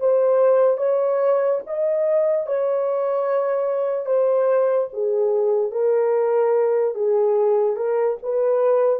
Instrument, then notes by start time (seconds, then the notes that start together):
horn
0.00 C5
0.78 C#5
1.67 D#5
2.47 C#5
4.06 C5
4.93 G#4
5.72 A#4
6.95 G#4
7.76 A#4
8.23 B4